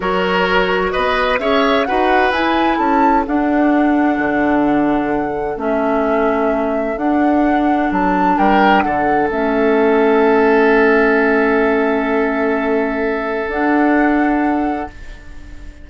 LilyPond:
<<
  \new Staff \with { instrumentName = "flute" } { \time 4/4 \tempo 4 = 129 cis''2 dis''4 e''4 | fis''4 gis''4 a''4 fis''4~ | fis''1 | e''2. fis''4~ |
fis''4 a''4 g''4 fis''4 | e''1~ | e''1~ | e''4 fis''2. | }
  \new Staff \with { instrumentName = "oboe" } { \time 4/4 ais'2 b'4 cis''4 | b'2 a'2~ | a'1~ | a'1~ |
a'2 ais'4 a'4~ | a'1~ | a'1~ | a'1 | }
  \new Staff \with { instrumentName = "clarinet" } { \time 4/4 fis'2. gis'4 | fis'4 e'2 d'4~ | d'1 | cis'2. d'4~ |
d'1 | cis'1~ | cis'1~ | cis'4 d'2. | }
  \new Staff \with { instrumentName = "bassoon" } { \time 4/4 fis2 b4 cis'4 | dis'4 e'4 cis'4 d'4~ | d'4 d2. | a2. d'4~ |
d'4 fis4 g4 d4 | a1~ | a1~ | a4 d'2. | }
>>